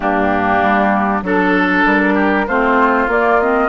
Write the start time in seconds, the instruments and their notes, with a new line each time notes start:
0.00 bassoon G2, clarinet A#3, oboe D4, flute G4
0.62 bassoon G3
1.22 bassoon F#3, clarinet D4, flute A4, oboe A4
1.85 bassoon G3, flute A#4
2.14 oboe G4
2.47 bassoon A3, clarinet C4, oboe F4, flute C5
3.07 bassoon A#3, clarinet A#3, flute D5
3.40 clarinet C4, flute D#5